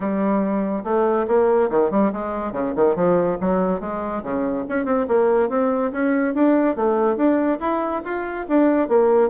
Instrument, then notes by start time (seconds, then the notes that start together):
bassoon
0.00 G3
0.84 A3
1.27 A#3
1.70 D#3
1.90 G3
2.12 G#3
2.52 C#3
2.75 D#3
2.95 F3
3.40 F#3
3.80 G#3
4.23 C#3
4.69 C#4
4.85 C4
5.07 A#3
5.49 C4
5.92 C#4
6.34 D4
6.75 A3
7.16 D4
7.60 E4
8.04 F4
8.48 D4
8.88 A#3